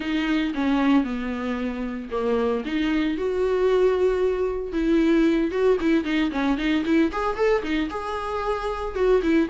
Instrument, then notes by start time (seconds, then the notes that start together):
viola
0.00 D#4
0.54 C#4
1.04 B3
2.11 A#3
2.65 D#4
3.17 F#4
4.72 E4
5.51 F#4
5.80 E4
6.04 D#4
6.31 C#4
6.57 D#4
6.85 E4
7.11 G#4
7.36 A4
7.62 D#4
7.90 G#4
8.95 F#4
9.22 E4